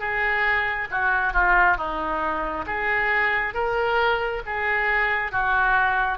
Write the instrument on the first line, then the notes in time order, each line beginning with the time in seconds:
oboe
0.00 G#4
0.91 F#4
1.34 F4
1.77 D#4
2.67 G#4
3.55 A#4
4.46 G#4
5.32 F#4